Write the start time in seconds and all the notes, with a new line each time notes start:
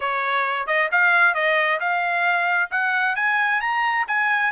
0.00 C#5
0.66 D#5
0.91 F5
1.34 D#5
1.79 F5
2.70 F#5
3.15 G#5
3.60 A#5
4.07 G#5